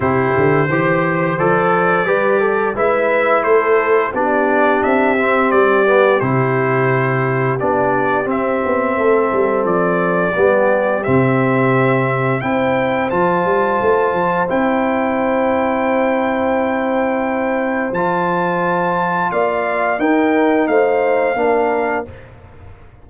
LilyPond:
<<
  \new Staff \with { instrumentName = "trumpet" } { \time 4/4 \tempo 4 = 87 c''2 d''2 | e''4 c''4 d''4 e''4 | d''4 c''2 d''4 | e''2 d''2 |
e''2 g''4 a''4~ | a''4 g''2.~ | g''2 a''2 | f''4 g''4 f''2 | }
  \new Staff \with { instrumentName = "horn" } { \time 4/4 g'4 c''2 b'8 a'8 | b'4 a'4 g'2~ | g'1~ | g'4 a'2 g'4~ |
g'2 c''2~ | c''1~ | c''1 | d''4 ais'4 c''4 ais'4 | }
  \new Staff \with { instrumentName = "trombone" } { \time 4/4 e'4 g'4 a'4 g'4 | e'2 d'4. c'8~ | c'8 b8 e'2 d'4 | c'2. b4 |
c'2 e'4 f'4~ | f'4 e'2.~ | e'2 f'2~ | f'4 dis'2 d'4 | }
  \new Staff \with { instrumentName = "tuba" } { \time 4/4 c8 d8 e4 f4 g4 | gis4 a4 b4 c'4 | g4 c2 b4 | c'8 b8 a8 g8 f4 g4 |
c2 c'4 f8 g8 | a8 f8 c'2.~ | c'2 f2 | ais4 dis'4 a4 ais4 | }
>>